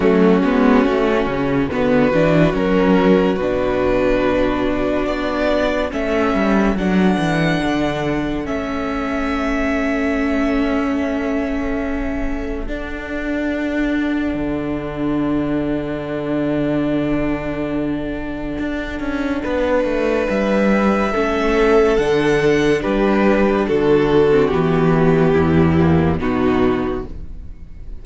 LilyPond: <<
  \new Staff \with { instrumentName = "violin" } { \time 4/4 \tempo 4 = 71 fis'2 b'4 ais'4 | b'2 d''4 e''4 | fis''2 e''2~ | e''2. fis''4~ |
fis''1~ | fis''1 | e''2 fis''4 b'4 | a'4 g'2 fis'4 | }
  \new Staff \with { instrumentName = "violin" } { \time 4/4 cis'2 fis'2~ | fis'2. a'4~ | a'1~ | a'1~ |
a'1~ | a'2. b'4~ | b'4 a'2 g'4 | fis'2 e'4 dis'4 | }
  \new Staff \with { instrumentName = "viola" } { \time 4/4 a8 b8 cis'4 b8 d'8 cis'4 | d'2. cis'4 | d'2 cis'2~ | cis'2. d'4~ |
d'1~ | d'1~ | d'4 cis'4 d'2~ | d'8. c'16 b4. ais8 b4 | }
  \new Staff \with { instrumentName = "cello" } { \time 4/4 fis8 gis8 a8 cis8 d8 e8 fis4 | b,2 b4 a8 g8 | fis8 e8 d4 a2~ | a2. d'4~ |
d'4 d2.~ | d2 d'8 cis'8 b8 a8 | g4 a4 d4 g4 | d4 e4 e,4 b,4 | }
>>